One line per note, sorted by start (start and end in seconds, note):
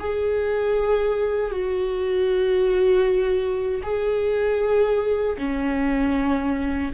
0.00 1.51 G#4
1.51 3.82 F#4
3.83 5.37 G#4
5.38 6.92 C#4